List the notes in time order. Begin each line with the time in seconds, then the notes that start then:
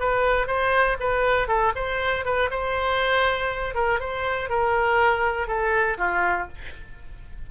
0.00 B4
0.47 C5
1.00 B4
1.48 A4
1.75 C5
2.25 B4
2.51 C5
3.75 A#4
4.00 C5
4.50 A#4
5.47 A4
5.98 F4